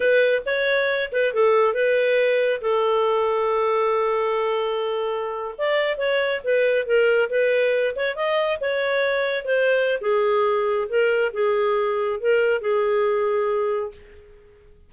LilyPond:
\new Staff \with { instrumentName = "clarinet" } { \time 4/4 \tempo 4 = 138 b'4 cis''4. b'8 a'4 | b'2 a'2~ | a'1~ | a'8. d''4 cis''4 b'4 ais'16~ |
ais'8. b'4. cis''8 dis''4 cis''16~ | cis''4.~ cis''16 c''4~ c''16 gis'4~ | gis'4 ais'4 gis'2 | ais'4 gis'2. | }